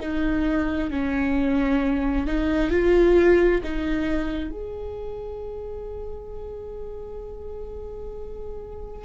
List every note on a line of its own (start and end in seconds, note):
0.00 0.90 D#4
0.90 2.27 C#4
2.27 2.71 D#4
2.71 3.62 F4
3.64 4.51 D#4
4.51 9.05 G#4